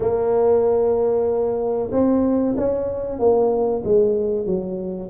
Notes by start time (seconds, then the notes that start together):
0.00 A#3
1.91 C4
2.57 C#4
3.19 A#3
3.84 G#3
4.46 F#3